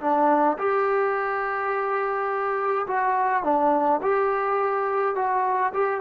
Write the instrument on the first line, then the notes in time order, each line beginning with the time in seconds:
trombone
0.00 D4
0.58 G4
2.87 F#4
3.43 D4
4.02 G4
5.15 F#4
5.73 G4